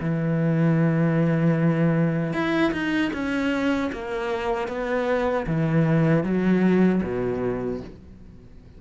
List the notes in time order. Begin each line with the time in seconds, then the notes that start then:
0.00 E3
2.33 E4
2.72 D#4
3.13 C#4
3.92 A#3
4.68 B3
5.47 E3
6.23 F#3
7.02 B2